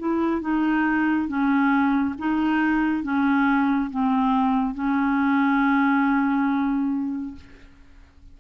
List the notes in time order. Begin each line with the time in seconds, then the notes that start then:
0.00 E4
0.42 D#4
1.28 C#4
2.19 D#4
3.04 C#4
3.91 C4
4.75 C#4